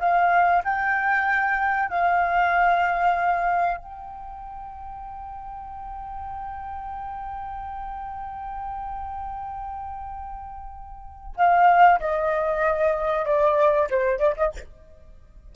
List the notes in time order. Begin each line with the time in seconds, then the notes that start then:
0.00 F5
0.64 G5
1.89 F5
3.78 G5
11.37 F5
12.00 D#5
13.25 D5
13.90 C5
14.19 D5
14.37 D#5